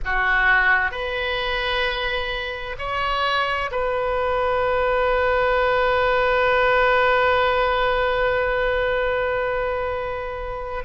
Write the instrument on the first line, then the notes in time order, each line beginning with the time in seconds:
oboe
0.04 F#4
0.91 B4
2.78 C#5
3.71 B4